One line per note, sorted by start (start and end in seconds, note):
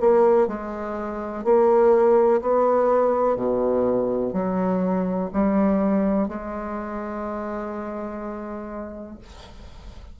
0.00 0.47 A#3
0.47 1.44 G#3
1.44 2.41 A#3
2.41 3.36 B3
3.36 4.33 B2
4.33 5.30 F#3
5.33 6.28 G3
6.28 9.18 G#3